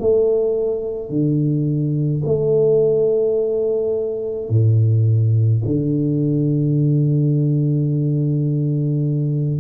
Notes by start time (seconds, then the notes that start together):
0.00 A3
1.09 D3
2.25 A3
4.49 A2
5.65 D3